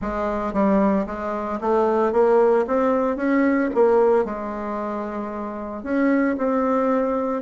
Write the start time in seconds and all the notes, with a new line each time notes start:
0.01 G#3
0.53 G3
1.06 G#3
1.60 A3
2.12 A#3
2.67 C4
3.16 C#4
3.74 A#3
4.25 G#3
5.83 C#4
6.37 C4